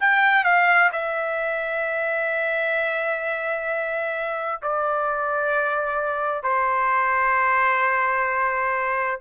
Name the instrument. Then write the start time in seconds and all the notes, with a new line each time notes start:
trumpet
0.00 G5
0.44 F5
0.92 E5
4.62 D5
6.43 C5